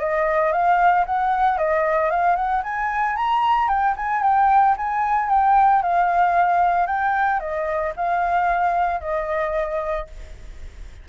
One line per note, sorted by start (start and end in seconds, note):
0.00 0.53 D#5
0.53 1.06 F5
1.06 1.58 F#5
1.58 2.10 D#5
2.10 2.36 F5
2.36 2.63 F#5
2.64 3.16 G#5
3.16 3.69 A#5
3.69 3.95 G5
3.97 4.23 G#5
4.23 4.76 G5
4.77 5.29 G#5
5.29 5.82 G5
5.83 6.87 F5
6.87 7.40 G5
7.40 7.93 D#5
7.97 9.01 F5
9.01 10.07 D#5